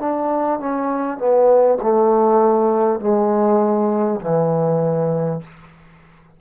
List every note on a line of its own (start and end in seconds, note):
0.00 0.60 D4
0.60 1.18 C#4
1.18 1.78 B3
1.82 3.00 A3
3.00 4.20 G#3
4.21 5.41 E3